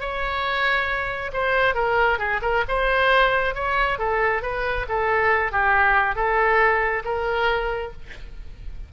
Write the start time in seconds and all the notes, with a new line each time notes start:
0.00 C#5
1.33 C5
1.75 A#4
2.19 G#4
2.42 A#4
2.68 C5
3.55 C#5
3.99 A4
4.42 B4
4.88 A4
5.52 G4
6.15 A4
7.04 A#4